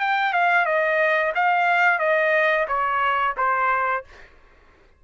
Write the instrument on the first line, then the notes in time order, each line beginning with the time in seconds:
trumpet
0.00 G5
0.33 F5
0.65 D#5
1.35 F5
1.99 D#5
2.68 C#5
3.37 C5